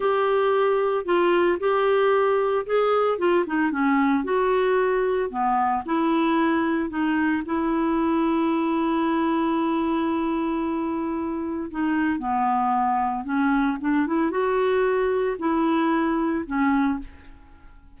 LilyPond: \new Staff \with { instrumentName = "clarinet" } { \time 4/4 \tempo 4 = 113 g'2 f'4 g'4~ | g'4 gis'4 f'8 dis'8 cis'4 | fis'2 b4 e'4~ | e'4 dis'4 e'2~ |
e'1~ | e'2 dis'4 b4~ | b4 cis'4 d'8 e'8 fis'4~ | fis'4 e'2 cis'4 | }